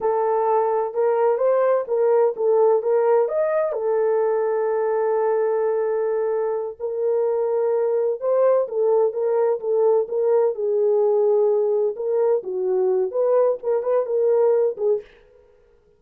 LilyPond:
\new Staff \with { instrumentName = "horn" } { \time 4/4 \tempo 4 = 128 a'2 ais'4 c''4 | ais'4 a'4 ais'4 dis''4 | a'1~ | a'2~ a'8 ais'4.~ |
ais'4. c''4 a'4 ais'8~ | ais'8 a'4 ais'4 gis'4.~ | gis'4. ais'4 fis'4. | b'4 ais'8 b'8 ais'4. gis'8 | }